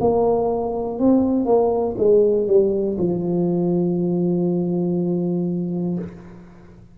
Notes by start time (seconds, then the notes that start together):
0.00 A#3
0.99 C4
1.45 A#3
1.97 G#3
2.47 G3
2.98 F3